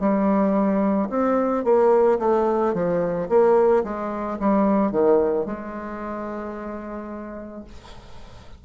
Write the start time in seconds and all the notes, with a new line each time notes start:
0.00 G3
1.10 C4
1.64 A#3
2.19 A3
2.73 F3
3.29 A#3
3.84 G#3
4.39 G3
4.91 D#3
5.46 G#3